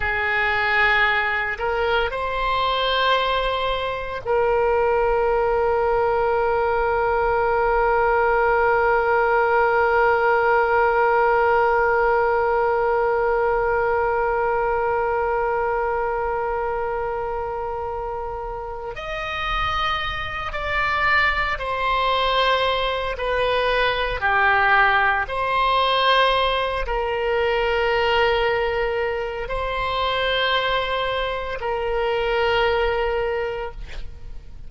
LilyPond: \new Staff \with { instrumentName = "oboe" } { \time 4/4 \tempo 4 = 57 gis'4. ais'8 c''2 | ais'1~ | ais'1~ | ais'1~ |
ais'2 dis''4. d''8~ | d''8 c''4. b'4 g'4 | c''4. ais'2~ ais'8 | c''2 ais'2 | }